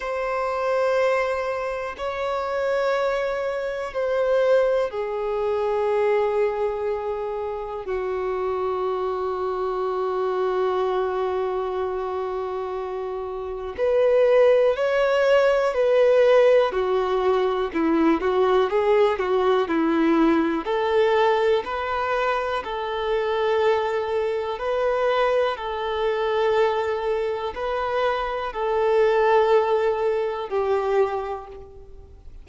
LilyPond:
\new Staff \with { instrumentName = "violin" } { \time 4/4 \tempo 4 = 61 c''2 cis''2 | c''4 gis'2. | fis'1~ | fis'2 b'4 cis''4 |
b'4 fis'4 e'8 fis'8 gis'8 fis'8 | e'4 a'4 b'4 a'4~ | a'4 b'4 a'2 | b'4 a'2 g'4 | }